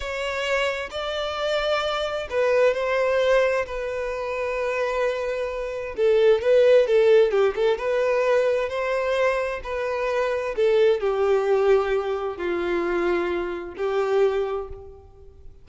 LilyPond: \new Staff \with { instrumentName = "violin" } { \time 4/4 \tempo 4 = 131 cis''2 d''2~ | d''4 b'4 c''2 | b'1~ | b'4 a'4 b'4 a'4 |
g'8 a'8 b'2 c''4~ | c''4 b'2 a'4 | g'2. f'4~ | f'2 g'2 | }